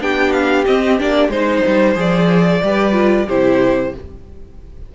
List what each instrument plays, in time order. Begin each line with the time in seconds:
0.00 cello B3, viola D4, violin G4 G5
0.32 violin F5
0.66 viola C4, cello C4, violin D#5
0.98 cello A#3, viola D4, violin D5
1.29 cello G#3, viola D#4, violin C5
1.67 cello G3
1.95 cello F3, viola G#4, violin D5
2.62 cello G3, viola G4, violin B4
2.93 viola F4
3.26 cello C3, viola E4, violin G4 C5